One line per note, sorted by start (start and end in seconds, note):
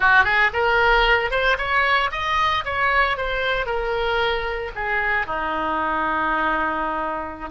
0.00 0.24 F#4
0.24 0.50 G#4
0.53 1.31 A#4
1.31 1.57 C5
1.57 2.10 C#5
2.11 2.64 D#5
2.65 3.17 C#5
3.17 3.66 C5
3.66 4.71 A#4
4.75 5.26 G#4
5.26 7.50 D#4